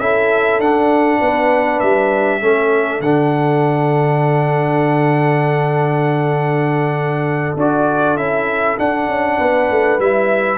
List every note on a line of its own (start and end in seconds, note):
0.00 0.59 C#4
0.00 0.62 E4
0.00 1.19 A4
0.00 0.61 E5
0.59 1.20 D4
0.59 2.41 D4
0.59 1.80 F#5
1.19 1.82 B3
1.19 2.40 B4
1.80 2.41 G3
1.80 3.01 E5
2.41 3.00 A3
2.41 3.02 C#4
2.41 9.38 A4
3.00 7.54 D3
3.00 7.58 D4
3.00 7.56 F#5
7.57 8.16 D4
7.57 8.18 F#4
7.57 8.17 D5
8.16 8.77 C#4
8.16 8.78 E4
8.16 8.78 E5
8.78 9.99 D4
8.78 9.08 D4
8.78 10.00 F#5
9.08 9.39 C#4
9.38 9.70 B3
9.38 10.58 B4
9.71 9.99 A3
9.99 10.58 G3
9.99 10.58 E4
9.99 10.58 E5